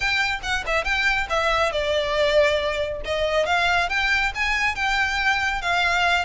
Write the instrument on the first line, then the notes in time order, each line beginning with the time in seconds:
violin
0.00 G5
0.42 F#5
0.66 E5
0.84 G5
1.29 E5
1.71 D5
3.05 D#5
3.46 F5
3.89 G5
4.34 G#5
4.75 G5
5.61 F5